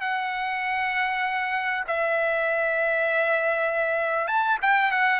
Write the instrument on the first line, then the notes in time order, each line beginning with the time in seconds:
trumpet
0.00 F#5
1.87 E5
4.27 A5
4.62 G5
4.91 F#5